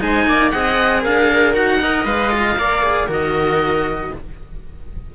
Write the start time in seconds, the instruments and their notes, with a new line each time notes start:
0.00 cello G#3 D#4, viola C5, oboe G#5
0.27 cello A#3, viola D5
0.51 cello C4 G#4, viola D#5, oboe F#5
1.01 cello D4, viola A#4, oboe F5
1.54 cello D#4 F#4, oboe F#5
1.80 cello A#4, viola D#5
2.05 cello G#3 B4, oboe F5
2.31 cello F4
2.56 cello A#3 A#4, viola D5
2.83 cello G#4
3.07 cello D#3 F#4, viola A#4, oboe D#5